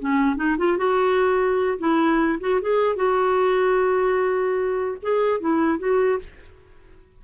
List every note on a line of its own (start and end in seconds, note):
0.00 0.37 C#4
0.37 0.57 D#4
0.58 0.78 F4
0.78 1.79 F#4
1.79 2.40 E4
2.41 2.61 F#4
2.62 2.97 G#4
2.97 4.98 F#4
5.03 5.41 G#4
5.41 5.79 E4
5.79 6.20 F#4